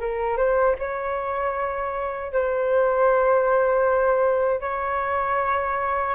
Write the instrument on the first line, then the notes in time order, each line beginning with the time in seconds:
flute
0.00 A#4
0.37 C5
0.79 C#5
2.33 C5
4.61 C#5